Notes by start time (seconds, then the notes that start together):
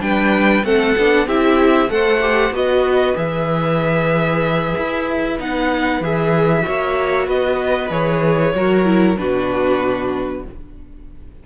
0.00 G3 D4 B4 G5
0.64 A3 C4 A4 F#5
0.97 B3 D4
1.26 C4 E4 G4 E5
1.88 A3 A4 C5 F#5
2.21 G4
2.50 B3 F#4 B4 D#5
3.15 E3 G#4 E5
4.77 E4
5.39 B3 D#4 F#5
6.00 E3 G#4 E5
6.62 F#4 C#5
6.68 A#3
7.27 B3 B4 D#5
7.90 E3 G#4 C#5
8.54 F#3 F#4 A#4
8.84 E4
9.17 B2 D4 F#4 B4